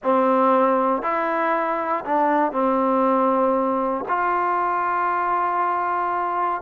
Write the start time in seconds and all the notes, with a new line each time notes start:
0.03 C4
1.02 E4
2.05 D4
2.52 C4
4.08 F4